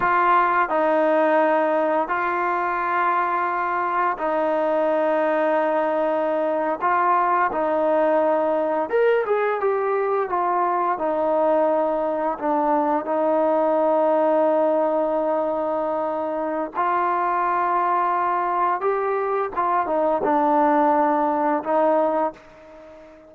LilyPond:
\new Staff \with { instrumentName = "trombone" } { \time 4/4 \tempo 4 = 86 f'4 dis'2 f'4~ | f'2 dis'2~ | dis'4.~ dis'16 f'4 dis'4~ dis'16~ | dis'8. ais'8 gis'8 g'4 f'4 dis'16~ |
dis'4.~ dis'16 d'4 dis'4~ dis'16~ | dis'1 | f'2. g'4 | f'8 dis'8 d'2 dis'4 | }